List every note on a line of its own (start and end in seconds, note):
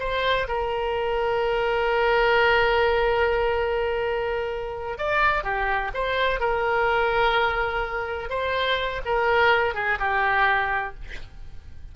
0.00 0.48 C5
0.48 4.98 A#4
4.98 5.44 D5
5.44 5.92 G4
5.94 6.40 C5
6.40 8.30 A#4
8.30 9.02 C5
9.05 9.75 A#4
9.75 9.99 G#4
10.00 10.95 G4